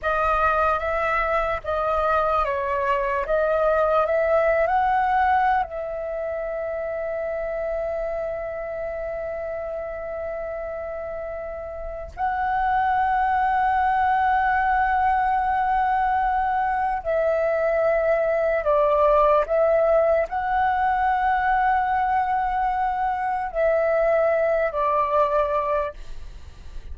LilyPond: \new Staff \with { instrumentName = "flute" } { \time 4/4 \tempo 4 = 74 dis''4 e''4 dis''4 cis''4 | dis''4 e''8. fis''4~ fis''16 e''4~ | e''1~ | e''2. fis''4~ |
fis''1~ | fis''4 e''2 d''4 | e''4 fis''2.~ | fis''4 e''4. d''4. | }